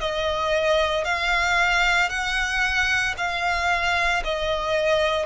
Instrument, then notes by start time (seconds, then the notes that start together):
violin
0.00 D#5
1.05 F5
2.10 F#5
3.18 F5
4.24 D#5